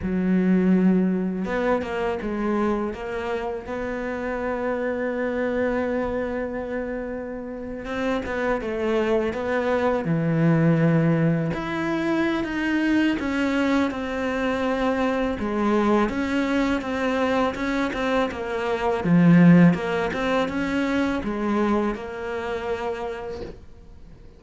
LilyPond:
\new Staff \with { instrumentName = "cello" } { \time 4/4 \tempo 4 = 82 fis2 b8 ais8 gis4 | ais4 b2.~ | b2~ b8. c'8 b8 a16~ | a8. b4 e2 e'16~ |
e'4 dis'4 cis'4 c'4~ | c'4 gis4 cis'4 c'4 | cis'8 c'8 ais4 f4 ais8 c'8 | cis'4 gis4 ais2 | }